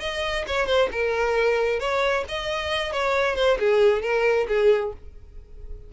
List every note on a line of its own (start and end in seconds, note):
0.00 0.45 D#5
0.47 0.66 C#5
0.66 0.89 C5
0.91 1.80 A#4
1.80 2.24 C#5
2.29 2.92 D#5
2.92 3.35 C#5
3.35 3.58 C5
3.59 4.02 G#4
4.02 4.47 A#4
4.48 4.93 G#4